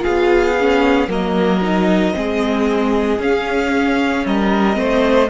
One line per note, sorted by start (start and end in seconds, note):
0.00 0.53 F4
0.00 1.09 G#4
0.00 1.09 F5
0.08 1.08 B3
0.60 1.08 C#4
1.08 2.13 F#3
1.08 1.61 A#3
1.08 2.16 A#4
1.08 3.22 D#5
1.62 2.14 D#4
2.14 3.19 G#3
2.14 3.19 C4
2.14 4.27 G#4
3.19 4.24 C#4
3.19 4.74 C#4
3.19 4.26 F5
4.26 4.77 G3
4.26 4.79 A#4
4.26 5.30 D#5
4.74 5.30 A3
4.74 5.27 C4
4.74 5.30 C5